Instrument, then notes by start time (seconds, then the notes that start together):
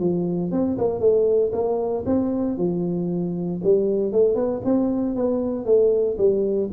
tuba
0.00 F3
0.52 C4
0.78 A#3
1.00 A3
1.53 A#3
2.06 C4
2.58 F3
3.64 G3
4.13 A3
4.35 B3
4.65 C4
5.16 B3
5.66 A3
6.18 G3